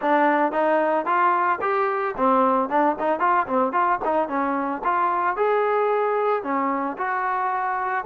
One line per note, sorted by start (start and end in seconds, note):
0.01 0.52 D4
0.52 1.05 D#4
1.05 1.59 F4
1.61 2.15 G4
2.17 2.69 C4
2.69 2.95 D4
2.99 3.19 D#4
3.19 3.46 F4
3.47 3.72 C4
3.72 3.99 F4
4.04 4.28 D#4
4.28 4.82 C#4
4.84 5.36 F4
5.36 6.43 G#4
6.43 6.96 C#4
6.97 8.05 F#4